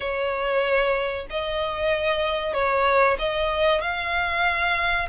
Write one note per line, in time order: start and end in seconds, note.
0.00 1.26 C#5
1.30 2.53 D#5
2.53 3.17 C#5
3.18 3.81 D#5
3.81 5.08 F5